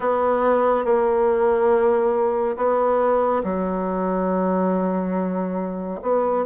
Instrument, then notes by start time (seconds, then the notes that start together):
bassoon
0.00 B3
0.85 A#3
2.56 B3
3.43 F#3
6.02 B3